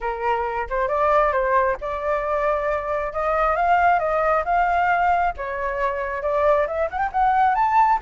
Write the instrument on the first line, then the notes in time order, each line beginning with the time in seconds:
flute
0.00 A#4
0.69 C5
0.88 D5
1.32 C5
1.80 D5
3.12 D#5
3.56 F5
3.99 D#5
4.44 F5
5.36 C#5
6.22 D5
6.67 E5
6.90 F#5
6.98 G5
7.12 F#5
7.54 A5